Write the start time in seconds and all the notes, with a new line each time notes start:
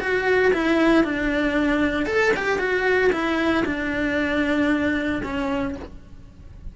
0.00 F#4
0.53 E4
1.04 D4
2.06 A4
2.36 G4
2.59 F#4
3.13 E4
3.65 D4
5.23 C#4